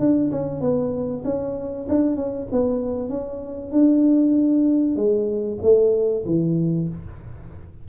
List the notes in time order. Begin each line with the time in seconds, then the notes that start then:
0.00 D4
0.32 C#4
0.61 B3
1.25 C#4
1.89 D4
2.16 C#4
2.52 B3
3.10 C#4
3.72 D4
4.96 G#3
5.62 A3
6.26 E3